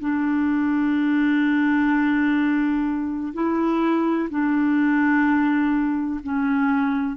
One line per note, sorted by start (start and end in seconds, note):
0.00 3.33 D4
3.34 4.29 E4
4.30 6.20 D4
6.23 7.16 C#4